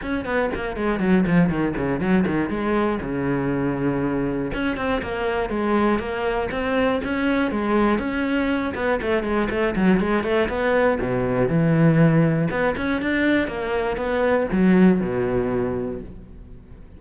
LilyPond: \new Staff \with { instrumentName = "cello" } { \time 4/4 \tempo 4 = 120 cis'8 b8 ais8 gis8 fis8 f8 dis8 cis8 | fis8 dis8 gis4 cis2~ | cis4 cis'8 c'8 ais4 gis4 | ais4 c'4 cis'4 gis4 |
cis'4. b8 a8 gis8 a8 fis8 | gis8 a8 b4 b,4 e4~ | e4 b8 cis'8 d'4 ais4 | b4 fis4 b,2 | }